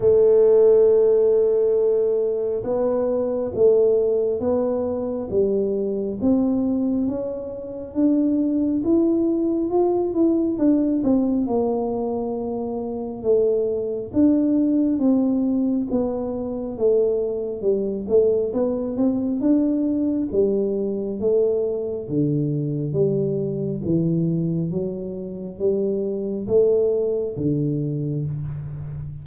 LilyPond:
\new Staff \with { instrumentName = "tuba" } { \time 4/4 \tempo 4 = 68 a2. b4 | a4 b4 g4 c'4 | cis'4 d'4 e'4 f'8 e'8 | d'8 c'8 ais2 a4 |
d'4 c'4 b4 a4 | g8 a8 b8 c'8 d'4 g4 | a4 d4 g4 e4 | fis4 g4 a4 d4 | }